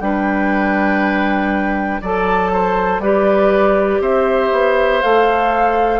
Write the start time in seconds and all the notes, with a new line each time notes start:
0.00 G3 D4 B4 G5
2.01 F#3 A4 D5 A5
2.52 C5
2.99 G3 G4 B4 D5
4.00 C4 C5 E5
4.52 B3
5.02 A3 A4 F5